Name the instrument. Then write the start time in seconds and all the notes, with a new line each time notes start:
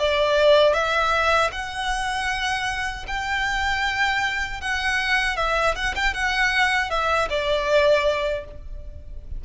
violin
0.00 D5
0.74 E5
1.52 F#5
3.08 G5
4.62 F#5
5.37 E5
5.76 F#5
5.96 G5
6.14 F#5
6.91 E5
7.30 D5